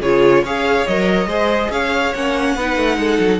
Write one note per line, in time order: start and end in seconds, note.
0.00 0.43 C#3
0.00 0.45 F4
0.00 0.43 G#4
0.00 0.44 C#5
0.43 0.86 C#4
0.43 0.88 G#4
0.43 1.28 C#5
0.43 0.86 F5
0.86 1.26 F#3
0.86 1.27 A#4
0.86 1.71 D#5
1.26 1.68 G#3
1.26 2.13 G#4
1.26 1.70 C5
1.70 2.12 C#4
1.70 2.55 C#5
1.70 2.14 F5
2.14 2.55 A#3
2.14 2.58 C#4
2.14 3.39 F#5
2.55 2.76 B3
2.55 3.39 D#4
2.55 2.97 B4
2.76 2.97 A3
2.97 3.18 G#3
2.97 3.39 A4
3.19 3.39 F#3